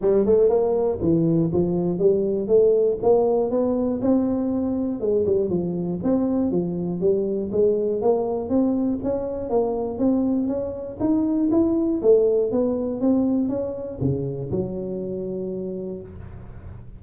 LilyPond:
\new Staff \with { instrumentName = "tuba" } { \time 4/4 \tempo 4 = 120 g8 a8 ais4 e4 f4 | g4 a4 ais4 b4 | c'2 gis8 g8 f4 | c'4 f4 g4 gis4 |
ais4 c'4 cis'4 ais4 | c'4 cis'4 dis'4 e'4 | a4 b4 c'4 cis'4 | cis4 fis2. | }